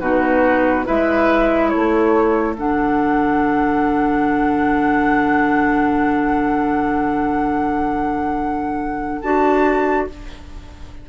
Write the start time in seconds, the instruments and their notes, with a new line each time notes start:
0.00 bassoon B2, clarinet D#4, oboe F#4, flute B4
0.85 bassoon G#3, clarinet E4, oboe B4, flute E5
1.69 oboe A4, flute C#5
1.75 bassoon A3
2.56 bassoon D3, clarinet D4, flute F#5
9.21 bassoon D4, clarinet F#4, flute A5